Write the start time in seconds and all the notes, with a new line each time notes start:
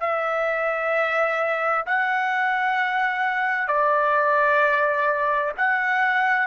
0.00 E5
1.86 F#5
3.68 D5
5.57 F#5